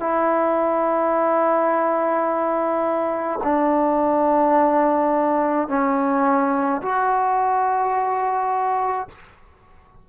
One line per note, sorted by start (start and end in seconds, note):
0.00 3.40 E4
3.43 5.69 D4
5.69 6.82 C#4
6.82 9.08 F#4